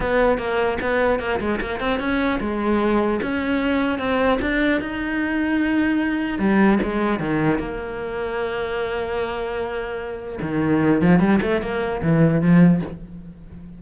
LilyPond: \new Staff \with { instrumentName = "cello" } { \time 4/4 \tempo 4 = 150 b4 ais4 b4 ais8 gis8 | ais8 c'8 cis'4 gis2 | cis'2 c'4 d'4 | dis'1 |
g4 gis4 dis4 ais4~ | ais1~ | ais2 dis4. f8 | g8 a8 ais4 e4 f4 | }